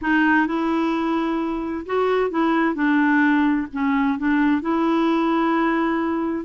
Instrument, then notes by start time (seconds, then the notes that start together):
clarinet
0.01 D#4
0.46 E4
1.86 F#4
2.30 E4
2.75 D4
3.72 C#4
4.18 D4
4.61 E4